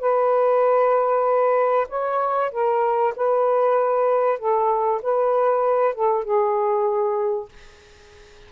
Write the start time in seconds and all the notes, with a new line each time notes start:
0.00 B4
1.89 C#5
2.52 A#4
3.16 B4
4.39 A4
5.02 B4
5.94 A4
6.24 G#4